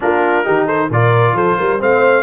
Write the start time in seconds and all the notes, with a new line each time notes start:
0.00 A#3 D4 F4 A#4
0.44 D#3 D#4 G4
0.66 A4 C5
0.90 A#2 F4 A#4 D5
1.33 F3 A4 C5
1.57 G3 A#4
1.79 A3 C4 C5 F5